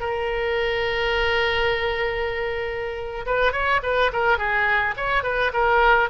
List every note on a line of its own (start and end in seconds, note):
0.00 3.25 A#4
3.26 3.52 B4
3.52 3.81 C#5
3.83 4.11 B4
4.13 4.38 A#4
4.38 4.95 G#4
4.96 5.23 C#5
5.23 5.52 B4
5.53 6.10 A#4